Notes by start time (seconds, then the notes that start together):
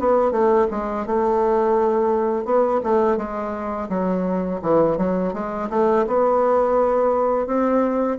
0.00 B3
0.32 A3
0.71 G#3
1.07 A3
2.45 B3
2.84 A3
3.18 G#3
3.90 F#3
4.62 E3
4.98 F#3
5.34 G#3
5.70 A3
6.07 B3
7.47 C4